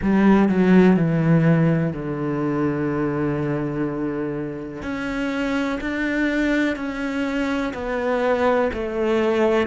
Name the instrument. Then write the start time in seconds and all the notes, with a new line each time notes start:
cello
0.02 G3
0.48 F#3
0.96 E3
1.92 D3
4.82 C#4
5.81 D4
6.76 C#4
7.73 B3
8.73 A3